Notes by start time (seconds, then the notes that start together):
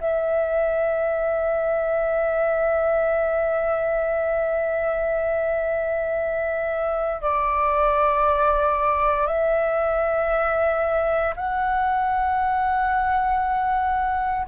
0.00 E5
7.22 D5
9.27 E5
11.36 F#5